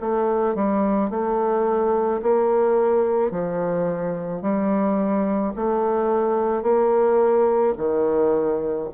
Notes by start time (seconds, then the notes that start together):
0.00 A3
0.55 G3
1.10 A3
2.22 A#3
3.31 F3
4.42 G3
5.56 A3
6.63 A#3
7.77 D#3